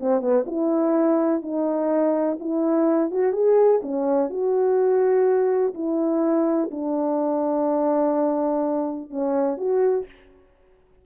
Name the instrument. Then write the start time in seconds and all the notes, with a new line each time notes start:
horn
0.00 C4
0.21 B3
0.46 E4
1.42 D#4
2.40 E4
3.10 F#4
3.33 G#4
3.82 C#4
4.30 F#4
5.74 E4
6.71 D4
9.10 C#4
9.57 F#4